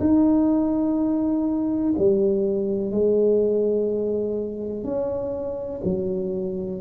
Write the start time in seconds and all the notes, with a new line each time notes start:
0.00 D#4
1.98 G3
2.92 G#3
4.84 C#4
5.84 F#3